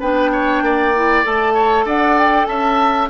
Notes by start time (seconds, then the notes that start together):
0.00 B3 D4 B4 G5
0.32 C#5
0.62 A#3 D5
0.95 E4
1.24 A3 A4 A5
1.54 C#5
1.85 D4 D5 F#5
2.18 G5
2.46 C#4 E5 A5